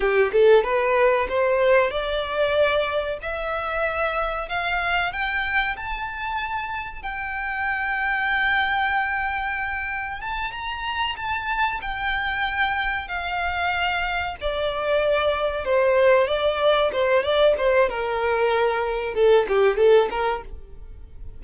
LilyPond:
\new Staff \with { instrumentName = "violin" } { \time 4/4 \tempo 4 = 94 g'8 a'8 b'4 c''4 d''4~ | d''4 e''2 f''4 | g''4 a''2 g''4~ | g''1 |
a''8 ais''4 a''4 g''4.~ | g''8 f''2 d''4.~ | d''8 c''4 d''4 c''8 d''8 c''8 | ais'2 a'8 g'8 a'8 ais'8 | }